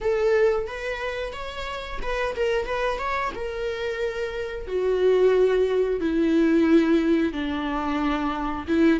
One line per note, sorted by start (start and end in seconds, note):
0.00 0.67 A4
0.67 1.32 B4
1.32 1.99 C#5
2.02 2.35 B4
2.35 2.65 A#4
2.65 2.98 B4
2.98 3.32 C#5
3.34 4.67 A#4
4.67 6.00 F#4
6.00 7.32 E4
7.32 8.66 D4
8.67 9.00 E4